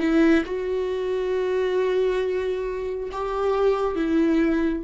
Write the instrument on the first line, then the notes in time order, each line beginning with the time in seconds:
viola
0.00 E4
0.46 F#4
3.12 G4
3.96 E4